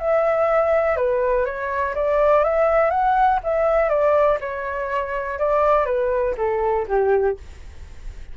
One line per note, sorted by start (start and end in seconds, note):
0.00 0.96 E5
0.96 1.46 B4
1.46 1.95 C#5
1.95 2.44 D5
2.44 2.91 E5
2.91 3.40 F#5
3.44 3.89 E5
3.89 4.38 D5
4.41 5.39 C#5
5.39 5.86 D5
5.86 6.35 B4
6.37 6.87 A4
6.88 7.37 G4